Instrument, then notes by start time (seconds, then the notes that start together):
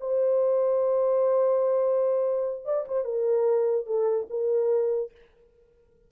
horn
0.00 C5
2.65 D5
2.88 C5
3.04 A#4
3.86 A4
4.29 A#4